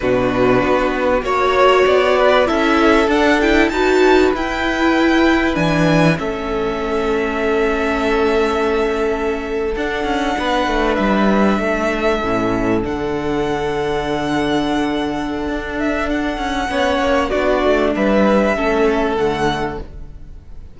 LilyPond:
<<
  \new Staff \with { instrumentName = "violin" } { \time 4/4 \tempo 4 = 97 b'2 cis''4 d''4 | e''4 fis''8 g''8 a''4 g''4~ | g''4 gis''4 e''2~ | e''2.~ e''8. fis''16~ |
fis''4.~ fis''16 e''2~ e''16~ | e''8. fis''2.~ fis''16~ | fis''4. e''8 fis''2 | d''4 e''2 fis''4 | }
  \new Staff \with { instrumentName = "violin" } { \time 4/4 fis'2 cis''4. b'8 | a'2 b'2~ | b'2 a'2~ | a'1~ |
a'8. b'2 a'4~ a'16~ | a'1~ | a'2. cis''4 | fis'4 b'4 a'2 | }
  \new Staff \with { instrumentName = "viola" } { \time 4/4 d'2 fis'2 | e'4 d'8 e'8 fis'4 e'4~ | e'4 d'4 cis'2~ | cis'2.~ cis'8. d'16~ |
d'2.~ d'8. cis'16~ | cis'8. d'2.~ d'16~ | d'2. cis'4 | d'2 cis'4 a4 | }
  \new Staff \with { instrumentName = "cello" } { \time 4/4 b,4 b4 ais4 b4 | cis'4 d'4 dis'4 e'4~ | e'4 e4 a2~ | a2.~ a8. d'16~ |
d'16 cis'8 b8 a8 g4 a4 a,16~ | a,8. d2.~ d16~ | d4 d'4. cis'8 b8 ais8 | b8 a8 g4 a4 d4 | }
>>